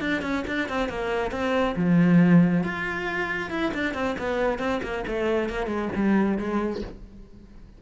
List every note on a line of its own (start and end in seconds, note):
0.00 0.22 D4
0.22 0.44 C#4
0.47 0.69 D4
0.69 0.89 C4
0.89 1.31 A#3
1.31 1.75 C4
1.76 2.63 F3
2.64 3.50 F4
3.50 3.72 E4
3.74 3.94 D4
3.94 4.16 C4
4.18 4.59 B3
4.59 4.81 C4
4.83 5.05 A#3
5.07 5.49 A3
5.49 5.67 A#3
5.67 5.89 G#3
5.95 6.38 G3
6.38 6.82 G#3